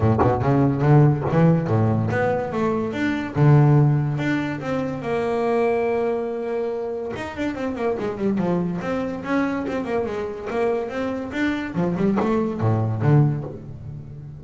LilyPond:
\new Staff \with { instrumentName = "double bass" } { \time 4/4 \tempo 4 = 143 a,8 b,8 cis4 d4 e4 | a,4 b4 a4 d'4 | d2 d'4 c'4 | ais1~ |
ais4 dis'8 d'8 c'8 ais8 gis8 g8 | f4 c'4 cis'4 c'8 ais8 | gis4 ais4 c'4 d'4 | f8 g8 a4 a,4 d4 | }